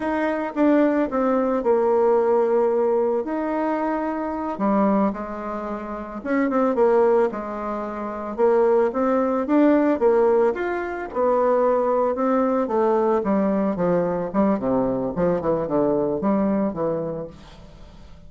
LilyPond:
\new Staff \with { instrumentName = "bassoon" } { \time 4/4 \tempo 4 = 111 dis'4 d'4 c'4 ais4~ | ais2 dis'2~ | dis'8 g4 gis2 cis'8 | c'8 ais4 gis2 ais8~ |
ais8 c'4 d'4 ais4 f'8~ | f'8 b2 c'4 a8~ | a8 g4 f4 g8 c4 | f8 e8 d4 g4 e4 | }